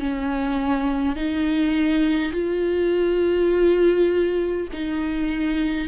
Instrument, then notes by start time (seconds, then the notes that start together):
viola
0.00 C#4
1.17 D#4
2.33 F4
4.73 D#4